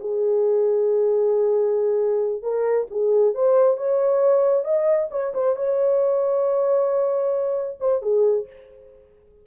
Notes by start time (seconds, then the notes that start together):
0.00 G#4
2.43 A#4
2.91 G#4
3.35 C5
3.77 C#5
4.64 D#5
5.11 C#5
5.34 C5
5.56 C#5
7.80 C5
8.02 G#4